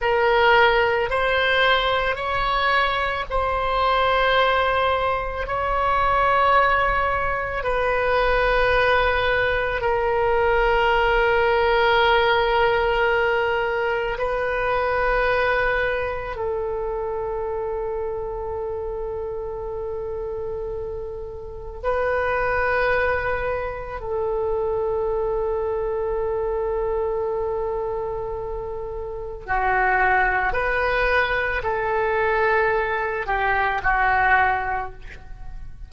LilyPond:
\new Staff \with { instrumentName = "oboe" } { \time 4/4 \tempo 4 = 55 ais'4 c''4 cis''4 c''4~ | c''4 cis''2 b'4~ | b'4 ais'2.~ | ais'4 b'2 a'4~ |
a'1 | b'2 a'2~ | a'2. fis'4 | b'4 a'4. g'8 fis'4 | }